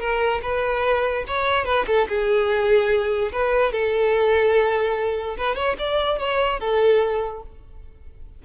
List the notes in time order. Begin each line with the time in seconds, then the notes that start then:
0.00 A#4
0.42 B4
1.27 C#5
1.65 B4
1.87 A4
2.08 G#4
3.32 B4
3.72 A4
5.37 B4
5.55 C#5
5.78 D5
6.19 C#5
6.60 A4